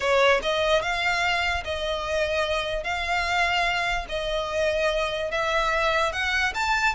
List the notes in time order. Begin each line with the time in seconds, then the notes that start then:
0.00 C#5
0.42 D#5
0.82 F5
1.64 D#5
2.83 F5
4.08 D#5
5.31 E5
6.12 F#5
6.54 A5